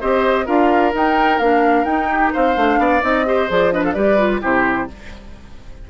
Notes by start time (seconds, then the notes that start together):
0.00 C4 G4 C5 D#5
0.45 D4 F4 A#4 F5
0.94 D#4 G5
1.39 A#3 D4 F5
1.84 D#4 G5
2.10 G4
2.33 C4 C5 F5
2.56 A3 D4
2.78 B3 D5
3.01 C4 D#4 D#5
3.25 G4 C5
3.49 F3 G#4 D5
3.71 D4 B4 D#5
3.84 A4 F5
3.93 G3 G4 B4 D5
4.18 F4
4.41 C3 E4 G4 C5